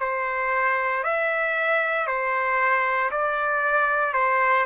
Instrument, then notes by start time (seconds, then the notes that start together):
trumpet
0.00 C5
1.03 E5
2.06 C5
3.11 D5
4.13 C5